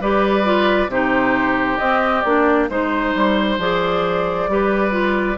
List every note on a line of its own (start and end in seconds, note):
0.00 0.88 G3
0.00 0.44 G4
0.00 0.90 B4
0.00 0.91 D5
0.44 0.89 F4
0.88 1.78 C3
0.88 1.79 D#4
0.88 2.70 G4
0.88 1.78 C5
1.78 2.24 C4
1.78 2.21 D#5
2.21 2.69 A#3
2.21 2.70 D4
2.21 2.66 D5
2.70 3.15 G#3
2.70 3.59 D#4
2.70 3.59 C5
2.70 4.50 C5
3.15 3.58 G3
3.58 4.48 F3
3.58 4.49 G#4
3.58 5.38 D5
4.48 5.37 G3
4.48 4.91 G4
4.48 5.38 B4
4.91 5.36 F4